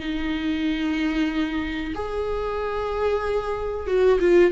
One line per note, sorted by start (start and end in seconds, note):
0.00 1.94 D#4
1.94 3.87 G#4
3.87 4.19 F#4
4.20 4.51 F4